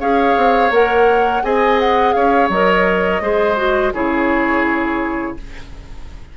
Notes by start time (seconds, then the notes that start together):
0.00 C#4 G#4 C#5 F5
0.37 C4
0.71 A#3 A#4 F#5
1.43 C4 G#4 D#5 G#5
1.80 F#5
2.13 C#4 C#5 F5
2.50 F#3 A#4 D#5
3.21 G#3 G#4 C5
3.57 F#4
3.94 C#3 E4 G#4 C#5